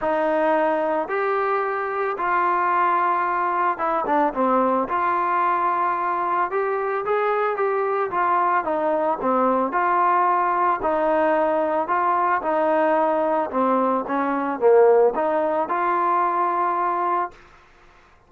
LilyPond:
\new Staff \with { instrumentName = "trombone" } { \time 4/4 \tempo 4 = 111 dis'2 g'2 | f'2. e'8 d'8 | c'4 f'2. | g'4 gis'4 g'4 f'4 |
dis'4 c'4 f'2 | dis'2 f'4 dis'4~ | dis'4 c'4 cis'4 ais4 | dis'4 f'2. | }